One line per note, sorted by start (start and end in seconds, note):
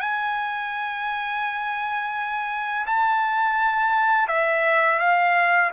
0.00 2.86 G#5
2.86 4.28 A5
4.28 4.99 E5
4.99 5.70 F5